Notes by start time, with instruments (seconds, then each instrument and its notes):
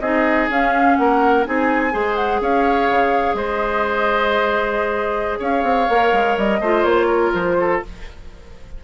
0.00 bassoon C4, clarinet D#4, oboe G#4, flute D#5
0.49 bassoon C#4, clarinet C#4, flute F5
0.96 bassoon A#3, oboe A#4, flute F#5
1.45 bassoon C4, clarinet D#4, oboe G#4, flute G#5
1.92 bassoon G#3, clarinet G#4, oboe C5
2.16 flute F#5
2.41 bassoon C#4, oboe C#5, flute F5
2.90 bassoon C#3
3.34 bassoon G#3, oboe C5, flute D#5
5.39 bassoon C#4, oboe C#5, flute F5
5.63 bassoon C4
5.89 bassoon A#3, clarinet A#4
6.13 bassoon G#3
6.38 bassoon G3, flute D#5
6.60 bassoon A3, clarinet F4, oboe C5
6.84 bassoon A#3, flute C#5
7.07 oboe A#4
7.34 bassoon F3, flute C5
7.60 oboe A4